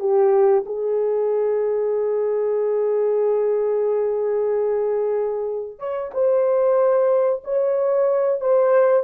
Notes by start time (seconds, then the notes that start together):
0.00 G4
0.66 G#4
5.79 C#5
6.14 C5
7.44 C#5
8.40 C5